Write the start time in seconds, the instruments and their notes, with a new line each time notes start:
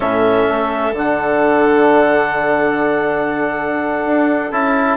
0.00 bassoon A2, trombone C#4, violin A4, clarinet E5
0.49 bassoon A3
0.92 bassoon D3, trombone D4, clarinet F#5
4.06 bassoon D4
4.51 bassoon C#4, trombone E4, clarinet A5